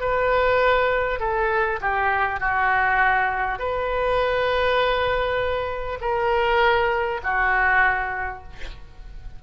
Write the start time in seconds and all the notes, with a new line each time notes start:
0.00 B4
1.19 A4
1.80 G4
2.39 F#4
3.58 B4
6.01 A#4
7.23 F#4